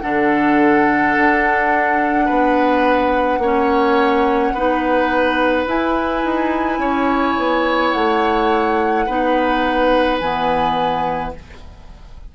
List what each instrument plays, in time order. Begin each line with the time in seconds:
0.00 bassoon D3, clarinet D4, oboe A4, flute F#5
1.16 bassoon D4
2.25 bassoon B3, oboe B4
3.38 bassoon A#3, clarinet C#4, oboe C#5
4.53 bassoon B3, clarinet D#4, oboe B4
5.66 bassoon E4, clarinet E4, flute G#5
6.24 bassoon D#4
6.78 bassoon C#4, oboe C#5
7.37 bassoon B3
7.91 bassoon A3, flute F#5
9.06 bassoon B3, clarinet D#4, oboe B4
10.18 bassoon E3, clarinet B3, flute G#5